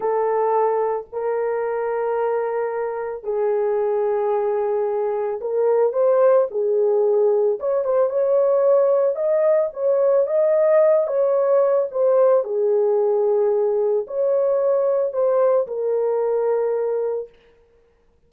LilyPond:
\new Staff \with { instrumentName = "horn" } { \time 4/4 \tempo 4 = 111 a'2 ais'2~ | ais'2 gis'2~ | gis'2 ais'4 c''4 | gis'2 cis''8 c''8 cis''4~ |
cis''4 dis''4 cis''4 dis''4~ | dis''8 cis''4. c''4 gis'4~ | gis'2 cis''2 | c''4 ais'2. | }